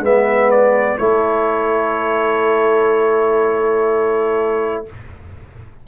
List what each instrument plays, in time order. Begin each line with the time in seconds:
0.00 tuba G#3, trombone B3, horn B4, trumpet E5
0.51 trumpet D5
0.98 tuba A3, trombone E4, horn A4, trumpet C#5